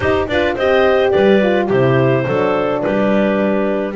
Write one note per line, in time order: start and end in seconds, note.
0.00 0.27 D#4
0.00 0.30 D#4
0.00 0.29 G4
0.00 0.27 C5
0.27 0.55 D4
0.27 0.58 F4
0.27 0.55 B4
0.27 0.56 D5
0.55 1.13 C4
0.55 1.42 G4
0.55 1.12 C5
0.55 1.10 D#5
1.10 1.70 G3
1.10 1.66 B4
1.10 1.66 D5
1.42 1.70 F4
1.66 2.26 C3
1.66 2.26 E4
1.66 2.23 G4
1.66 2.81 C5
2.25 2.84 F#3
2.25 3.95 D4
2.25 2.82 A4
2.81 3.95 G3
2.81 3.95 G4
2.81 3.94 B4